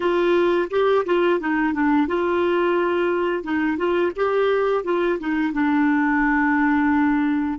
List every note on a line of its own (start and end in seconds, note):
0.00 0.69 F4
0.70 1.04 G4
1.05 1.39 F4
1.39 1.73 D#4
1.73 2.07 D4
2.07 3.43 F4
3.43 3.77 D#4
3.77 4.12 F4
4.15 4.84 G4
4.84 5.18 F4
5.19 5.52 D#4
5.52 7.59 D4